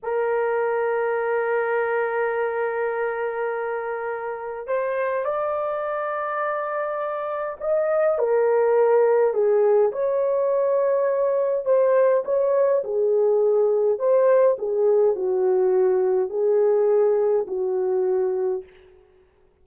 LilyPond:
\new Staff \with { instrumentName = "horn" } { \time 4/4 \tempo 4 = 103 ais'1~ | ais'1 | c''4 d''2.~ | d''4 dis''4 ais'2 |
gis'4 cis''2. | c''4 cis''4 gis'2 | c''4 gis'4 fis'2 | gis'2 fis'2 | }